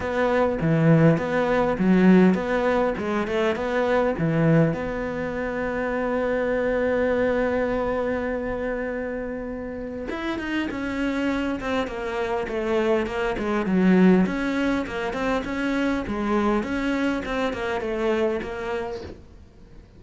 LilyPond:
\new Staff \with { instrumentName = "cello" } { \time 4/4 \tempo 4 = 101 b4 e4 b4 fis4 | b4 gis8 a8 b4 e4 | b1~ | b1~ |
b4 e'8 dis'8 cis'4. c'8 | ais4 a4 ais8 gis8 fis4 | cis'4 ais8 c'8 cis'4 gis4 | cis'4 c'8 ais8 a4 ais4 | }